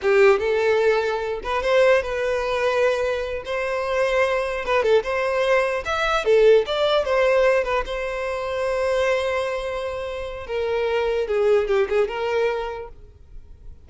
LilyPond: \new Staff \with { instrumentName = "violin" } { \time 4/4 \tempo 4 = 149 g'4 a'2~ a'8 b'8 | c''4 b'2.~ | b'8 c''2. b'8 | a'8 c''2 e''4 a'8~ |
a'8 d''4 c''4. b'8 c''8~ | c''1~ | c''2 ais'2 | gis'4 g'8 gis'8 ais'2 | }